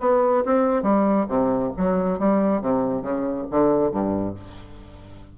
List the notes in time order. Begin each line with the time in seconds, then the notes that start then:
0.00 B3
0.45 C4
0.82 G3
1.28 C3
1.77 F#3
2.19 G3
2.61 C3
3.02 C#3
3.50 D3
3.91 G2